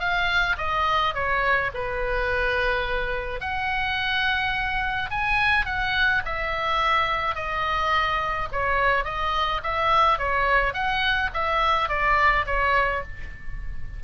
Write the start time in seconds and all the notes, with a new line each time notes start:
0.00 F5
0.58 D#5
1.14 C#5
1.74 B4
3.40 F#5
5.11 G#5
5.66 F#5
6.25 E5
7.35 D#5
8.52 C#5
9.05 D#5
9.63 E5
10.18 C#5
10.74 F#5
11.34 E5
11.89 D5
12.46 C#5